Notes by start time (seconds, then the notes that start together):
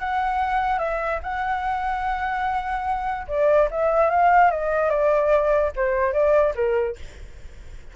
0.00 F#5
0.79 E5
1.23 F#5
3.28 D5
3.71 E5
4.10 F5
4.51 D#5
4.90 D5
5.76 C5
6.13 D5
6.55 A#4